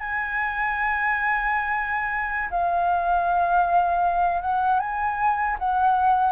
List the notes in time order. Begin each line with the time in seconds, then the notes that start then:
0.00 G#5
2.51 F5
4.42 F#5
4.80 G#5
5.59 F#5